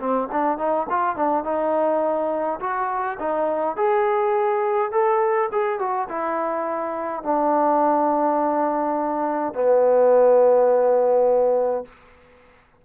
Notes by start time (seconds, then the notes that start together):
0.00 C4
0.32 D4
0.58 D#4
0.90 F4
1.16 D4
1.45 D#4
2.61 F#4
3.20 D#4
3.77 G#4
4.92 A4
5.53 G#4
5.80 F#4
6.09 E4
7.24 D4
9.55 B3